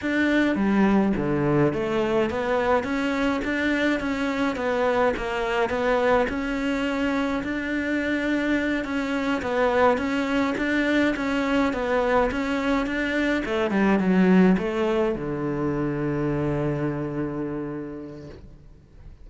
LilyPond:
\new Staff \with { instrumentName = "cello" } { \time 4/4 \tempo 4 = 105 d'4 g4 d4 a4 | b4 cis'4 d'4 cis'4 | b4 ais4 b4 cis'4~ | cis'4 d'2~ d'8 cis'8~ |
cis'8 b4 cis'4 d'4 cis'8~ | cis'8 b4 cis'4 d'4 a8 | g8 fis4 a4 d4.~ | d1 | }